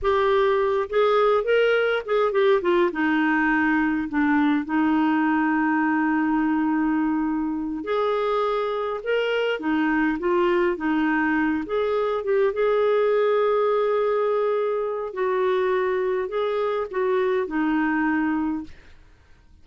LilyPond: \new Staff \with { instrumentName = "clarinet" } { \time 4/4 \tempo 4 = 103 g'4. gis'4 ais'4 gis'8 | g'8 f'8 dis'2 d'4 | dis'1~ | dis'4. gis'2 ais'8~ |
ais'8 dis'4 f'4 dis'4. | gis'4 g'8 gis'2~ gis'8~ | gis'2 fis'2 | gis'4 fis'4 dis'2 | }